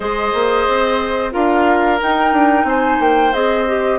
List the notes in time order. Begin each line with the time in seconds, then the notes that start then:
0.00 G#3 G#4 C5 D#5
0.33 A#3
0.67 C4
1.31 D4 F4 A#4 F5
2.00 D#4 G5
2.32 D4
2.64 C4 C5 G#5
2.99 A#3 G5
3.33 C4 G#4 D#5
3.67 G4